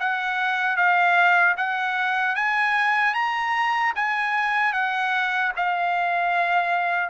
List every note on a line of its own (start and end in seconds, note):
0.00 0.76 F#5
0.76 1.55 F5
1.57 2.35 F#5
2.35 3.14 G#5
3.14 3.93 A#5
3.95 4.73 G#5
4.73 5.52 F#5
5.56 7.09 F5